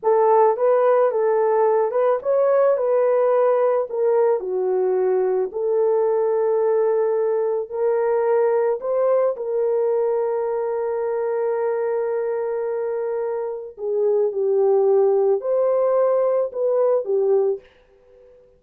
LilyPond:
\new Staff \with { instrumentName = "horn" } { \time 4/4 \tempo 4 = 109 a'4 b'4 a'4. b'8 | cis''4 b'2 ais'4 | fis'2 a'2~ | a'2 ais'2 |
c''4 ais'2.~ | ais'1~ | ais'4 gis'4 g'2 | c''2 b'4 g'4 | }